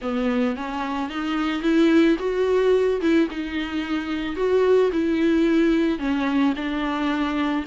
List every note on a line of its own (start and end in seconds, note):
0.01 0.56 B3
0.56 1.09 C#4
1.09 1.62 D#4
1.62 2.16 E4
2.18 3.00 F#4
3.01 3.28 E4
3.30 4.35 D#4
4.35 4.90 F#4
4.92 5.99 E4
5.99 6.53 C#4
6.56 7.65 D4